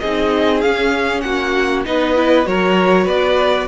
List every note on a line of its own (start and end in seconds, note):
0.00 0.65 C4
0.00 0.64 D#4
0.00 1.24 G#4
0.00 0.61 D#5
0.61 1.85 C#4
0.61 1.24 C#4
0.61 1.21 F5
1.21 1.86 A#3
1.21 1.87 F#4
1.21 1.83 F#5
1.85 2.47 B3
1.85 2.16 D#4
1.85 2.49 B4
1.85 2.47 D#5
2.16 2.45 E4
2.45 3.07 F#3
2.45 3.68 F#4
2.45 3.05 A#4
2.45 3.07 C#5
3.05 3.68 B3
3.05 3.67 B4
3.05 3.69 D5